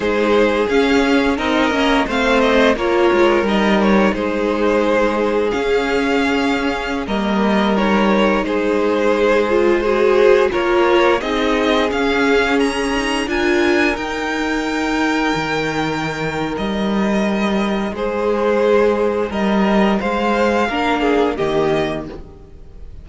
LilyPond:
<<
  \new Staff \with { instrumentName = "violin" } { \time 4/4 \tempo 4 = 87 c''4 f''4 dis''4 f''8 dis''8 | cis''4 dis''8 cis''8 c''2 | f''2~ f''16 dis''4 cis''8.~ | cis''16 c''2 gis'4 cis''8.~ |
cis''16 dis''4 f''4 ais''4 gis''8.~ | gis''16 g''2.~ g''8. | dis''2 c''2 | dis''4 f''2 dis''4 | }
  \new Staff \with { instrumentName = "violin" } { \time 4/4 gis'2 ais'4 c''4 | ais'2 gis'2~ | gis'2~ gis'16 ais'4.~ ais'16~ | ais'16 gis'2 c''4 ais'8.~ |
ais'16 gis'2. ais'8.~ | ais'1~ | ais'2 gis'2 | ais'4 c''4 ais'8 gis'8 g'4 | }
  \new Staff \with { instrumentName = "viola" } { \time 4/4 dis'4 cis'4 dis'8 cis'8 c'4 | f'4 dis'2. | cis'2~ cis'16 ais4 dis'8.~ | dis'4.~ dis'16 f'8 fis'4 f'8.~ |
f'16 dis'4 cis'4. dis'8 f'8.~ | f'16 dis'2.~ dis'8.~ | dis'1~ | dis'2 d'4 ais4 | }
  \new Staff \with { instrumentName = "cello" } { \time 4/4 gis4 cis'4 c'8 ais8 a4 | ais8 gis8 g4 gis2 | cis'2~ cis'16 g4.~ g16~ | g16 gis2. ais8.~ |
ais16 c'4 cis'2 d'8.~ | d'16 dis'2 dis4.~ dis16 | g2 gis2 | g4 gis4 ais4 dis4 | }
>>